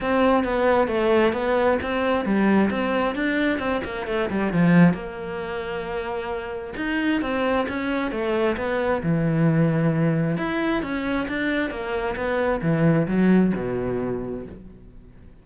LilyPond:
\new Staff \with { instrumentName = "cello" } { \time 4/4 \tempo 4 = 133 c'4 b4 a4 b4 | c'4 g4 c'4 d'4 | c'8 ais8 a8 g8 f4 ais4~ | ais2. dis'4 |
c'4 cis'4 a4 b4 | e2. e'4 | cis'4 d'4 ais4 b4 | e4 fis4 b,2 | }